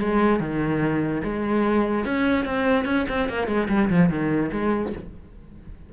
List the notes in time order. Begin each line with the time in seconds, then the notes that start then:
0.00 G#3
0.40 D#3
1.24 G#3
2.05 C#4
2.45 C4
2.85 C#4
3.09 C4
3.30 A#3
3.48 G#3
3.69 G3
3.90 F3
4.10 D#3
4.52 G#3